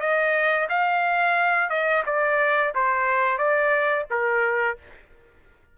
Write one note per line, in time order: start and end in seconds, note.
0.00 0.67 D#5
0.69 1.69 F5
1.69 2.03 D#5
2.06 2.73 D5
2.74 3.38 C5
3.38 4.05 D5
4.10 4.77 A#4